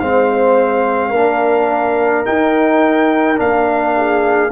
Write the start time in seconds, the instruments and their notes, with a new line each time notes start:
0.00 tuba G#3, trombone C4, horn C5, trumpet F5
1.11 tuba A#3, trombone D4, horn A#4
2.25 trombone D#4, tuba D#4, trumpet G5
3.37 tuba A#3, trombone D4, trumpet F5
3.97 horn G#4